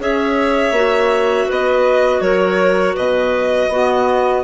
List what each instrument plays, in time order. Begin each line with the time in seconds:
0.00 bassoon C#4, clarinet G#4 C#5, violin E5
0.72 bassoon A#3, clarinet F#4
1.47 bassoon B3, clarinet B4, violin D#5
2.21 bassoon F#3, clarinet A#4, violin C#5
2.95 bassoon B2, clarinet B4, violin D#5
3.69 bassoon B3, clarinet B3 F#4